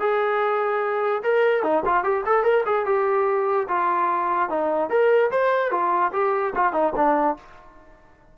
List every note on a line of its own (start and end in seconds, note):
0.00 1.22 G#4
1.23 1.63 A#4
1.63 1.84 D#4
1.86 2.04 F4
2.04 2.24 G4
2.26 2.44 A4
2.44 2.64 A#4
2.66 2.86 G#4
2.86 3.67 G4
3.68 4.49 F4
4.49 4.90 D#4
4.90 5.31 A#4
5.31 5.71 C5
5.71 6.12 F4
6.13 6.54 G4
6.55 6.73 F4
6.73 6.93 D#4
6.96 7.37 D4